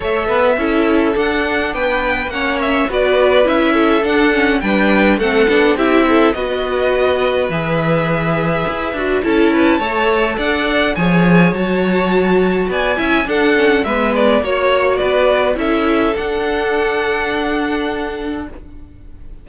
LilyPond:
<<
  \new Staff \with { instrumentName = "violin" } { \time 4/4 \tempo 4 = 104 e''2 fis''4 g''4 | fis''8 e''8 d''4 e''4 fis''4 | g''4 fis''4 e''4 dis''4~ | dis''4 e''2. |
a''2 fis''4 gis''4 | a''2 gis''4 fis''4 | e''8 d''8 cis''4 d''4 e''4 | fis''1 | }
  \new Staff \with { instrumentName = "violin" } { \time 4/4 cis''8 b'8 a'2 b'4 | cis''4 b'4. a'4. | b'4 a'4 g'8 a'8 b'4~ | b'1 |
a'8 b'8 cis''4 d''4 cis''4~ | cis''2 d''8 e''8 a'4 | b'4 cis''4 b'4 a'4~ | a'1 | }
  \new Staff \with { instrumentName = "viola" } { \time 4/4 a'4 e'4 d'2 | cis'4 fis'4 e'4 d'8 cis'8 | d'4 c'8 d'8 e'4 fis'4~ | fis'4 gis'2~ gis'8 fis'8 |
e'4 a'2 gis'4 | fis'2~ fis'8 e'8 d'8 cis'8 | b4 fis'2 e'4 | d'1 | }
  \new Staff \with { instrumentName = "cello" } { \time 4/4 a8 b8 cis'4 d'4 b4 | ais4 b4 cis'4 d'4 | g4 a8 b8 c'4 b4~ | b4 e2 e'8 d'8 |
cis'4 a4 d'4 f4 | fis2 b8 cis'8 d'4 | gis4 ais4 b4 cis'4 | d'1 | }
>>